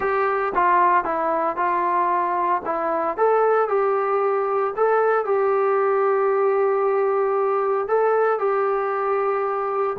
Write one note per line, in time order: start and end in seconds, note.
0.00 0.53 G4
0.54 1.04 F4
1.04 1.56 E4
1.56 2.61 F4
2.65 3.17 E4
3.17 3.68 A4
3.68 4.73 G4
4.76 5.25 A4
5.25 7.87 G4
7.87 8.39 A4
8.39 9.96 G4